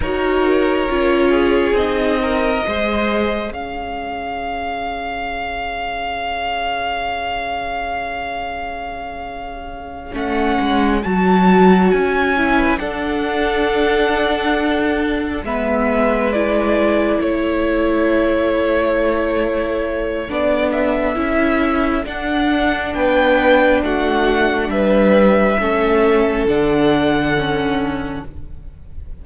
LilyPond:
<<
  \new Staff \with { instrumentName = "violin" } { \time 4/4 \tempo 4 = 68 cis''2 dis''2 | f''1~ | f''2.~ f''8 fis''8~ | fis''8 a''4 gis''4 fis''4.~ |
fis''4. e''4 d''4 cis''8~ | cis''2. d''8 e''8~ | e''4 fis''4 g''4 fis''4 | e''2 fis''2 | }
  \new Staff \with { instrumentName = "violin" } { \time 4/4 ais'4. gis'4 ais'8 c''4 | cis''1~ | cis''1~ | cis''2~ cis''16 b'16 a'4.~ |
a'4. b'2 a'8~ | a'1~ | a'2 b'4 fis'4 | b'4 a'2. | }
  \new Staff \with { instrumentName = "viola" } { \time 4/4 fis'4 f'4 dis'4 gis'4~ | gis'1~ | gis'2.~ gis'8 cis'8~ | cis'8 fis'4. e'8 d'4.~ |
d'4. b4 e'4.~ | e'2. d'4 | e'4 d'2.~ | d'4 cis'4 d'4 cis'4 | }
  \new Staff \with { instrumentName = "cello" } { \time 4/4 dis'4 cis'4 c'4 gis4 | cis'1~ | cis'2.~ cis'8 a8 | gis8 fis4 cis'4 d'4.~ |
d'4. gis2 a8~ | a2. b4 | cis'4 d'4 b4 a4 | g4 a4 d2 | }
>>